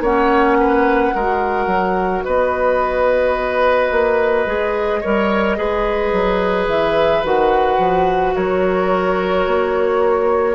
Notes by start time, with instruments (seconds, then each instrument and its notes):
0.00 bassoon A#3, clarinet C#4, oboe C#5, flute F#5
0.59 oboe B4
1.14 bassoon G#3, clarinet F#4, oboe A#4
1.66 bassoon F#3
2.22 bassoon B3, oboe B4, flute D#5
3.91 bassoon A#3
4.46 bassoon G#3, clarinet G#4
5.00 bassoon G3, clarinet A#4, oboe C#5
5.57 bassoon G#3, clarinet G#4, oboe B4
6.12 bassoon F#3
6.67 bassoon E3, flute E5
7.23 bassoon D#3, clarinet F#4, flute F#5
7.78 bassoon F3
8.36 bassoon F#3, oboe A#4, flute C#5
9.47 bassoon A#3